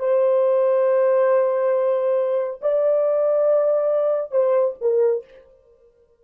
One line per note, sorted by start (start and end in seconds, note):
0.00 2.61 C5
2.62 4.32 D5
4.32 4.75 C5
4.81 5.25 A#4